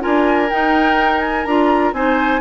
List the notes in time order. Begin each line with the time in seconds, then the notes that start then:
0.00 D4 F4 A#4 G#5
0.50 D#4 G5
1.21 G#5
1.45 D4 F4 A#5
1.93 C4 D#4 C5 G#5